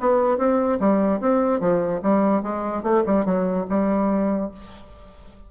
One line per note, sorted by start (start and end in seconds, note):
0.00 0.38 B3
0.38 0.79 C4
0.80 1.20 G3
1.20 1.60 C4
1.60 2.01 F3
2.03 2.43 G3
2.43 2.83 G#3
2.83 3.03 A3
3.06 3.25 G3
3.25 3.66 F#3
3.69 4.51 G3